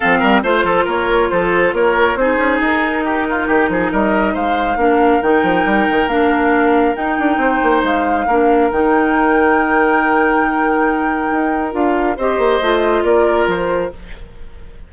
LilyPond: <<
  \new Staff \with { instrumentName = "flute" } { \time 4/4 \tempo 4 = 138 f''4 c''4 cis''4 c''4 | cis''4 c''4 ais'2~ | ais'4 dis''4 f''2 | g''2 f''2 |
g''2 f''2 | g''1~ | g''2. f''4 | dis''2 d''4 c''4 | }
  \new Staff \with { instrumentName = "oboe" } { \time 4/4 a'8 ais'8 c''8 a'8 ais'4 a'4 | ais'4 gis'2 g'8 f'8 | g'8 gis'8 ais'4 c''4 ais'4~ | ais'1~ |
ais'4 c''2 ais'4~ | ais'1~ | ais'1 | c''2 ais'2 | }
  \new Staff \with { instrumentName = "clarinet" } { \time 4/4 c'4 f'2.~ | f'4 dis'2.~ | dis'2. d'4 | dis'2 d'2 |
dis'2. d'4 | dis'1~ | dis'2. f'4 | g'4 f'2. | }
  \new Staff \with { instrumentName = "bassoon" } { \time 4/4 f8 g8 a8 f8 ais4 f4 | ais4 c'8 cis'8 dis'2 | dis8 f8 g4 gis4 ais4 | dis8 f8 g8 dis8 ais2 |
dis'8 d'8 c'8 ais8 gis4 ais4 | dis1~ | dis2 dis'4 d'4 | c'8 ais8 a4 ais4 f4 | }
>>